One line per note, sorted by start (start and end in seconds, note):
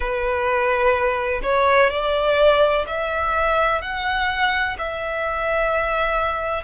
0.00 1.40 B4
1.42 1.90 C#5
1.90 2.85 D5
2.87 3.81 E5
3.81 4.76 F#5
4.78 6.64 E5